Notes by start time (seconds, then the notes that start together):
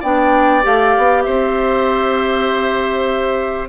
0.00 B3 D4 D5 G5
0.62 A3 G4 F5
0.97 B3
1.22 C4 C5 E5